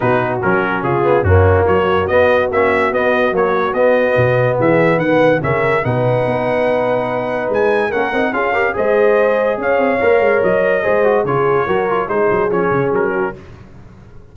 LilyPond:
<<
  \new Staff \with { instrumentName = "trumpet" } { \time 4/4 \tempo 4 = 144 b'4 ais'4 gis'4 fis'4 | cis''4 dis''4 e''4 dis''4 | cis''4 dis''2 e''4 | fis''4 e''4 fis''2~ |
fis''2 gis''4 fis''4 | f''4 dis''2 f''4~ | f''4 dis''2 cis''4~ | cis''4 c''4 cis''4 ais'4 | }
  \new Staff \with { instrumentName = "horn" } { \time 4/4 fis'2 f'4 cis'4 | fis'1~ | fis'2. gis'4 | b'4 ais'4 b'2~ |
b'2. ais'4 | gis'8 ais'8 c''2 cis''4~ | cis''2 c''4 gis'4 | ais'4 gis'2~ gis'8 fis'8 | }
  \new Staff \with { instrumentName = "trombone" } { \time 4/4 dis'4 cis'4. b8 ais4~ | ais4 b4 cis'4 b4 | fis4 b2.~ | b4 cis'4 dis'2~ |
dis'2. cis'8 dis'8 | f'8 g'8 gis'2. | ais'2 gis'8 fis'8 f'4 | fis'8 f'8 dis'4 cis'2 | }
  \new Staff \with { instrumentName = "tuba" } { \time 4/4 b,4 fis4 cis4 fis,4 | fis4 b4 ais4 b4 | ais4 b4 b,4 e4 | dis4 cis4 b,4 b4~ |
b2 gis4 ais8 c'8 | cis'4 gis2 cis'8 c'8 | ais8 gis8 fis4 gis4 cis4 | fis4 gis8 fis8 f8 cis8 fis4 | }
>>